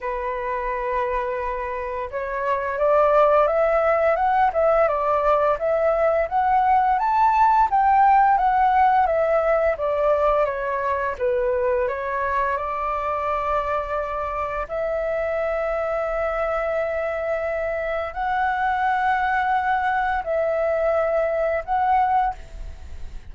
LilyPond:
\new Staff \with { instrumentName = "flute" } { \time 4/4 \tempo 4 = 86 b'2. cis''4 | d''4 e''4 fis''8 e''8 d''4 | e''4 fis''4 a''4 g''4 | fis''4 e''4 d''4 cis''4 |
b'4 cis''4 d''2~ | d''4 e''2.~ | e''2 fis''2~ | fis''4 e''2 fis''4 | }